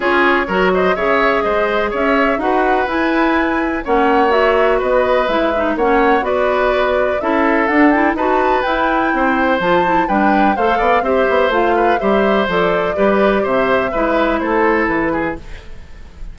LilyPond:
<<
  \new Staff \with { instrumentName = "flute" } { \time 4/4 \tempo 4 = 125 cis''4. dis''8 e''4 dis''4 | e''4 fis''4 gis''2 | fis''4 e''4 dis''4 e''4 | fis''4 d''2 e''4 |
fis''8 g''8 a''4 g''2 | a''4 g''4 f''4 e''4 | f''4 e''4 d''2 | e''2 c''4 b'4 | }
  \new Staff \with { instrumentName = "oboe" } { \time 4/4 gis'4 ais'8 c''8 cis''4 c''4 | cis''4 b'2. | cis''2 b'2 | cis''4 b'2 a'4~ |
a'4 b'2 c''4~ | c''4 b'4 c''8 d''8 c''4~ | c''8 b'8 c''2 b'4 | c''4 b'4 a'4. gis'8 | }
  \new Staff \with { instrumentName = "clarinet" } { \time 4/4 f'4 fis'4 gis'2~ | gis'4 fis'4 e'2 | cis'4 fis'2 e'8 dis'8 | cis'4 fis'2 e'4 |
d'8 e'8 fis'4 e'2 | f'8 e'8 d'4 a'4 g'4 | f'4 g'4 a'4 g'4~ | g'4 e'2. | }
  \new Staff \with { instrumentName = "bassoon" } { \time 4/4 cis'4 fis4 cis4 gis4 | cis'4 dis'4 e'2 | ais2 b4 gis4 | ais4 b2 cis'4 |
d'4 dis'4 e'4 c'4 | f4 g4 a8 b8 c'8 b8 | a4 g4 f4 g4 | c4 gis4 a4 e4 | }
>>